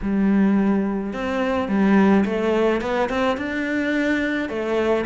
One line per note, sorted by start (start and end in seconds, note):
0.02 1.13 G3
1.13 1.68 C4
1.68 2.24 G3
2.25 2.81 A3
2.81 3.09 B3
3.09 3.37 C4
3.37 4.49 D4
4.49 5.05 A3